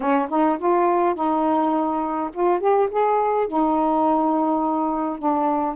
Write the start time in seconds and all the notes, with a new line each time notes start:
0.00 C#4
0.29 D#4
0.58 F4
1.15 D#4
2.33 F4
2.60 G4
2.90 G#4
3.47 D#4
5.18 D4